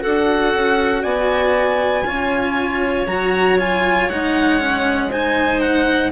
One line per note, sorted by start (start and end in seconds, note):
0.00 0.54 D4
0.00 2.03 F#4
0.00 1.02 A4
0.00 1.03 F#5
0.54 1.04 C#4
1.02 2.06 B3
1.02 2.04 D5
1.02 3.06 G#5
2.06 3.07 C#4
2.06 3.07 F4
2.06 5.09 C#5
3.07 4.09 F#3
3.07 3.59 F#4
3.07 3.58 A#5
3.59 4.10 F4
3.59 4.10 G#5
4.10 6.12 G#3
4.10 4.60 D#4
4.10 5.11 F#5
4.60 5.11 C#4
5.09 6.12 D#4
5.09 6.11 C5
5.09 5.60 G#5
5.60 6.11 F#5